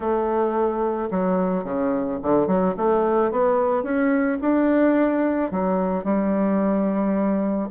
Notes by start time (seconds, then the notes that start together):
0.00 A3
1.10 F#3
1.64 C#3
2.22 D3
2.47 F#3
2.76 A3
3.31 B3
3.83 C#4
4.41 D4
5.51 F#3
6.04 G3